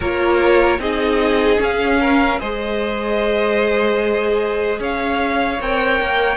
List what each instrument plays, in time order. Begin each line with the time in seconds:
0.00 cello A#3, viola F4, violin A#4 C#5
0.78 cello C4, viola D#4, violin G#4 D#5
1.57 viola C#4, cello C#4, violin F5
2.00 violin A#4
2.39 cello G#3, viola G#4, violin C5 D#5
4.79 cello C#4, violin C#5 F5
5.60 cello C4, viola A#4, violin G5
6.00 cello A#3